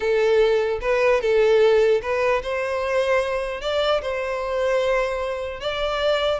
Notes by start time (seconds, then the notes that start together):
0.00 A4
0.81 B4
1.21 A4
2.01 B4
2.42 C5
3.61 D5
4.01 C5
5.60 D5